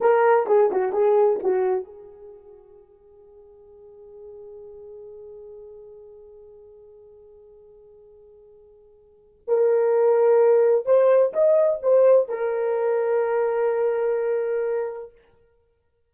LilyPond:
\new Staff \with { instrumentName = "horn" } { \time 4/4 \tempo 4 = 127 ais'4 gis'8 fis'8 gis'4 fis'4 | gis'1~ | gis'1~ | gis'1~ |
gis'1 | ais'2. c''4 | dis''4 c''4 ais'2~ | ais'1 | }